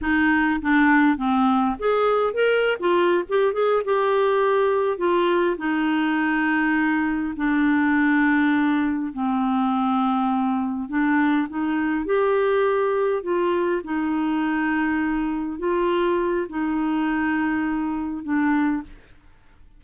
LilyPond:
\new Staff \with { instrumentName = "clarinet" } { \time 4/4 \tempo 4 = 102 dis'4 d'4 c'4 gis'4 | ais'8. f'8. g'8 gis'8 g'4.~ | g'8 f'4 dis'2~ dis'8~ | dis'8 d'2. c'8~ |
c'2~ c'8 d'4 dis'8~ | dis'8 g'2 f'4 dis'8~ | dis'2~ dis'8 f'4. | dis'2. d'4 | }